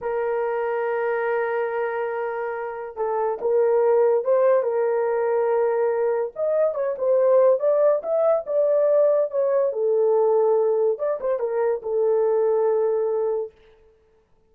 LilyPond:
\new Staff \with { instrumentName = "horn" } { \time 4/4 \tempo 4 = 142 ais'1~ | ais'2. a'4 | ais'2 c''4 ais'4~ | ais'2. dis''4 |
cis''8 c''4. d''4 e''4 | d''2 cis''4 a'4~ | a'2 d''8 c''8 ais'4 | a'1 | }